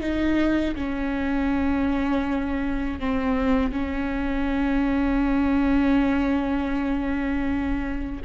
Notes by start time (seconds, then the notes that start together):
0.00 D#4
0.75 C#4
3.00 C4
3.72 C#4